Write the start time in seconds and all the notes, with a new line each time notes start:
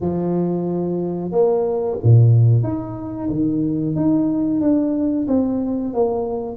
0.00 F3
1.31 A#3
2.03 A#2
2.63 D#4
3.29 D#3
3.95 D#4
4.60 D4
5.27 C4
5.93 A#3